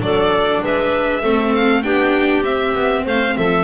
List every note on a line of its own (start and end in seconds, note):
0.00 0.61 F#3
0.00 1.21 D4
0.00 0.63 A4
0.00 0.62 D5
0.62 1.23 G#3
0.62 1.22 B4
0.62 1.55 E5
1.22 1.84 A3
1.22 1.83 C4
1.22 1.83 A4
1.55 1.82 F5
1.82 2.42 B3
1.82 2.44 D4
1.82 3.03 G4
1.82 2.43 G5
2.42 2.72 C4
2.42 3.64 C4
2.42 3.04 E5
2.75 3.05 B3
3.03 3.36 A3
3.03 3.34 C5
3.03 3.37 F5
3.36 3.64 F3
3.36 3.64 A4
3.36 3.64 E5